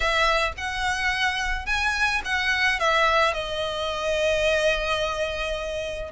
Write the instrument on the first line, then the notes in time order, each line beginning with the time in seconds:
violin
0.00 E5
0.57 F#5
1.66 G#5
2.24 F#5
2.79 E5
3.33 D#5